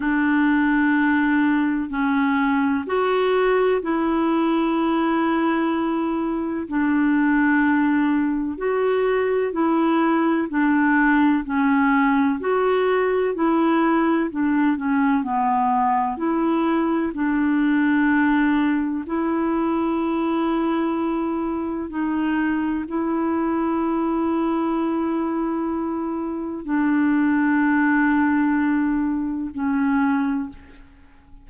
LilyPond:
\new Staff \with { instrumentName = "clarinet" } { \time 4/4 \tempo 4 = 63 d'2 cis'4 fis'4 | e'2. d'4~ | d'4 fis'4 e'4 d'4 | cis'4 fis'4 e'4 d'8 cis'8 |
b4 e'4 d'2 | e'2. dis'4 | e'1 | d'2. cis'4 | }